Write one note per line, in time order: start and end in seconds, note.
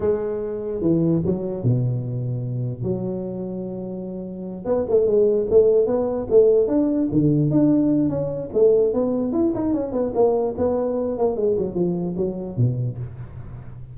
0.00 0.81 G#3
0.81 1.21 E3
1.25 1.63 F#3
1.63 2.82 B2
2.82 4.65 F#3
4.65 4.85 B3
4.89 5.06 A3
5.06 5.46 G#3
5.50 5.86 A3
5.86 6.27 B3
6.29 6.67 A3
6.67 7.08 D4
7.11 7.51 D3
7.51 8.09 D4
8.09 8.49 C#4
8.53 8.93 A3
8.93 9.32 B3
9.32 9.52 E4
9.54 9.73 D#4
9.73 9.92 C#4
9.92 10.12 B3
10.14 10.55 A#3
10.57 11.18 B3
11.18 11.36 A#3
11.36 11.56 G#3
11.58 11.74 F#3
11.74 12.15 F3
12.16 12.57 F#3
12.57 12.97 B2